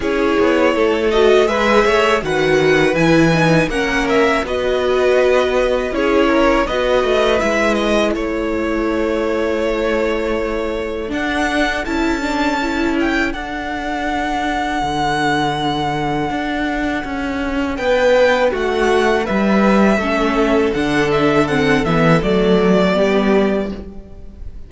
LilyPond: <<
  \new Staff \with { instrumentName = "violin" } { \time 4/4 \tempo 4 = 81 cis''4. dis''8 e''4 fis''4 | gis''4 fis''8 e''8 dis''2 | cis''4 dis''4 e''8 dis''8 cis''4~ | cis''2. fis''4 |
a''4. g''8 fis''2~ | fis''1 | g''4 fis''4 e''2 | fis''8 e''8 fis''8 e''8 d''2 | }
  \new Staff \with { instrumentName = "violin" } { \time 4/4 gis'4 a'4 b'8 cis''8 b'4~ | b'4 ais'4 b'2 | gis'8 ais'8 b'2 a'4~ | a'1~ |
a'1~ | a'1 | b'4 fis'4 b'4 a'4~ | a'2. g'4 | }
  \new Staff \with { instrumentName = "viola" } { \time 4/4 e'4. fis'8 gis'4 fis'4 | e'8 dis'8 cis'4 fis'2 | e'4 fis'4 e'2~ | e'2. d'4 |
e'8 d'8 e'4 d'2~ | d'1~ | d'2. cis'4 | d'4 c'8 b8 a4 b4 | }
  \new Staff \with { instrumentName = "cello" } { \time 4/4 cis'8 b8 a4 gis8 a8 dis4 | e4 ais4 b2 | cis'4 b8 a8 gis4 a4~ | a2. d'4 |
cis'2 d'2 | d2 d'4 cis'4 | b4 a4 g4 a4 | d4. e8 fis4 g4 | }
>>